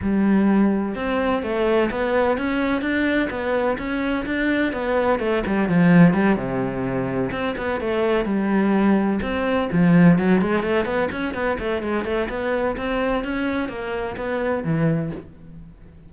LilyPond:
\new Staff \with { instrumentName = "cello" } { \time 4/4 \tempo 4 = 127 g2 c'4 a4 | b4 cis'4 d'4 b4 | cis'4 d'4 b4 a8 g8 | f4 g8 c2 c'8 |
b8 a4 g2 c'8~ | c'8 f4 fis8 gis8 a8 b8 cis'8 | b8 a8 gis8 a8 b4 c'4 | cis'4 ais4 b4 e4 | }